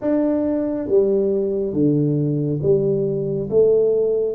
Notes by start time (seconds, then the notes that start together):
0.01 D4
0.88 G3
1.73 D3
2.62 G3
3.50 A3